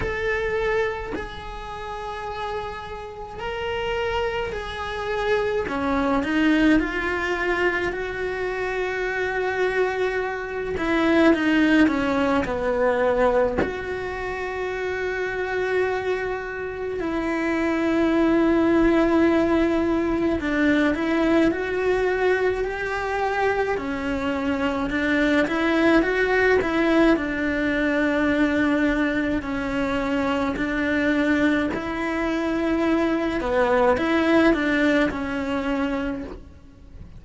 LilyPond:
\new Staff \with { instrumentName = "cello" } { \time 4/4 \tempo 4 = 53 a'4 gis'2 ais'4 | gis'4 cis'8 dis'8 f'4 fis'4~ | fis'4. e'8 dis'8 cis'8 b4 | fis'2. e'4~ |
e'2 d'8 e'8 fis'4 | g'4 cis'4 d'8 e'8 fis'8 e'8 | d'2 cis'4 d'4 | e'4. b8 e'8 d'8 cis'4 | }